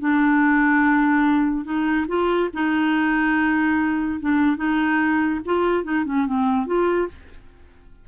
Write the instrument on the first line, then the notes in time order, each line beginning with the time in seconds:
clarinet
0.00 D4
1.65 D#4
2.08 F4
2.54 D#4
4.20 D4
4.57 D#4
5.46 F4
5.84 D#4
6.05 C#4
6.26 C4
6.67 F4